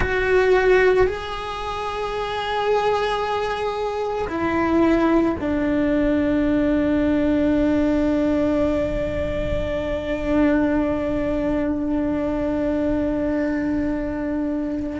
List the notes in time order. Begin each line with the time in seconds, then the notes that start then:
0.00 F#4
1.06 G#4
4.28 E4
5.40 D4